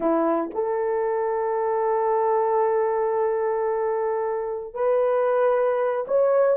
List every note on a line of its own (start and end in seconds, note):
0.00 0.50 E4
0.54 4.73 A4
4.73 6.05 B4
6.07 6.57 C#5